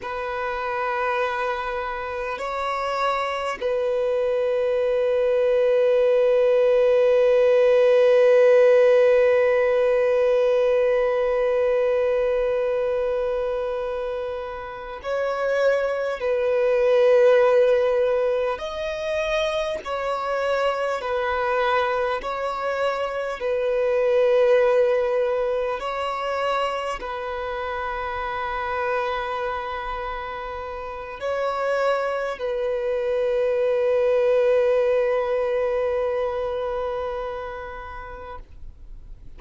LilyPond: \new Staff \with { instrumentName = "violin" } { \time 4/4 \tempo 4 = 50 b'2 cis''4 b'4~ | b'1~ | b'1~ | b'8 cis''4 b'2 dis''8~ |
dis''8 cis''4 b'4 cis''4 b'8~ | b'4. cis''4 b'4.~ | b'2 cis''4 b'4~ | b'1 | }